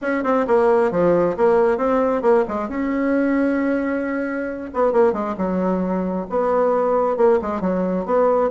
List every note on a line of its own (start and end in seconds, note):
0.01 0.23 C#4
0.23 0.46 C4
0.47 0.91 A#3
0.91 1.36 F3
1.37 1.77 A#3
1.77 2.22 C4
2.22 2.44 A#3
2.48 2.69 G#3
2.69 4.70 C#4
4.73 4.92 B3
4.92 5.12 A#3
5.12 5.35 G#3
5.37 6.27 F#3
6.29 7.16 B3
7.16 7.39 A#3
7.41 7.60 G#3
7.60 8.05 F#3
8.05 8.50 B3